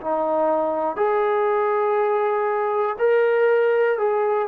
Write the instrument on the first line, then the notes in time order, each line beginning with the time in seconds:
trombone
0.00 D#4
0.96 G#4
2.99 A#4
3.98 G#4